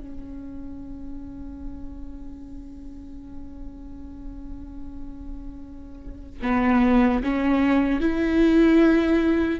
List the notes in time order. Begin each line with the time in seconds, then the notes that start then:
0.00 C#4
6.43 B3
7.24 C#4
8.00 E4